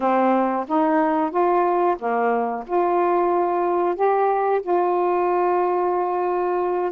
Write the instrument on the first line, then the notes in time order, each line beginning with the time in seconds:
saxophone
0.00 C4
0.67 D#4
1.30 F4
1.98 A#3
2.66 F4
3.95 G4
4.62 F4